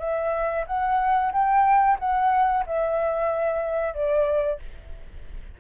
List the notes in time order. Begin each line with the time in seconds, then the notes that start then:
0.00 E5
0.67 F#5
1.33 G5
2.00 F#5
2.67 E5
3.94 D5